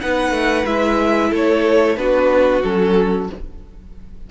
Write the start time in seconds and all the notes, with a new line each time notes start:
0.00 B3 D#4 B4 F#5
0.31 A3
0.66 G#3 E4 E5
1.30 A3 A4
1.36 C#5
1.97 B3 D4 F#4 B4
2.63 F#3 C#4 A4